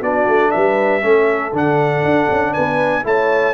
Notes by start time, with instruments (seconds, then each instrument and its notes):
0.00 tuba B3, trombone D4, horn F#4, trumpet D5
0.28 tuba A3
0.51 tuba G3, horn B4, trumpet E5
1.01 tuba A3, trombone C#4, horn A4
1.53 tuba D3, trombone D4, trumpet F#5
2.04 tuba D4
2.30 tuba C#4
2.52 tuba B3, horn B4, trumpet G#5
3.03 tuba A3, trombone E4, horn C#5, trumpet A5